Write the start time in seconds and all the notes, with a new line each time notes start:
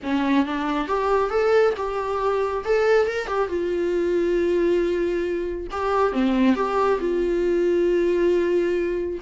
0.03 C#4
0.45 D4
0.87 G4
1.30 A4
1.76 G4
2.64 A4
3.06 A#4
3.27 G4
3.48 F4
5.71 G4
6.12 C4
6.55 G4
7.00 F4